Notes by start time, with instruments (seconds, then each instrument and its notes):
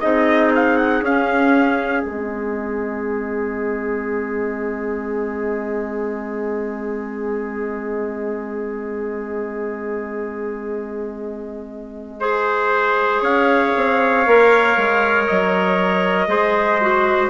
0.00 bassoon C4, clarinet D#4, trumpet G#4 D#5
0.55 trumpet F5
0.77 trumpet F#5
1.01 bassoon C#4, trumpet F5
1.07 clarinet C#4
2.04 bassoon G#3, clarinet C4, trumpet D#5
12.19 clarinet G#4, trumpet C5
13.20 bassoon C#4, trumpet C#5 F5
13.76 bassoon C4
14.25 bassoon A#3, clarinet A#4
14.76 bassoon G#3
15.27 bassoon F#3, trumpet D#5
16.27 bassoon G#3, clarinet G#4, trumpet C5
16.80 clarinet F#4